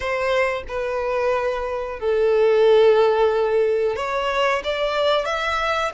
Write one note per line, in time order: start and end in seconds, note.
0.00 0.63 C5
0.67 1.99 B4
1.99 3.96 A4
3.96 4.62 C#5
4.64 5.25 D5
5.25 5.91 E5